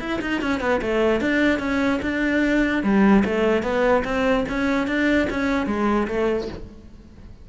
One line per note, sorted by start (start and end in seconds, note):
0.00 0.20 E4
0.21 0.42 D#4
0.42 0.61 C#4
0.61 0.81 B3
0.82 1.21 A3
1.21 1.59 D4
1.59 2.00 C#4
2.02 2.83 D4
2.83 3.24 G3
3.25 3.63 A3
3.63 4.03 B3
4.05 4.45 C4
4.49 4.88 C#4
4.88 5.28 D4
5.30 5.67 C#4
5.67 6.07 G#3
6.08 6.48 A3